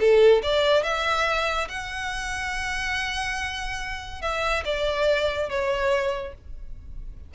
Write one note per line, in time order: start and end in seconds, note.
0.00 0.42 A4
0.43 0.84 D5
0.84 1.68 E5
1.69 4.22 F#5
4.22 4.64 E5
4.65 5.50 D5
5.50 6.34 C#5